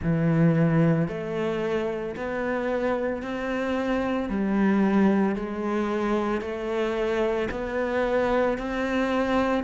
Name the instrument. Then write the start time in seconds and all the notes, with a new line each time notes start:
cello
0.02 E3
1.08 A3
2.16 B3
3.22 C4
4.29 G3
5.35 G#3
6.41 A3
7.50 B3
8.58 C4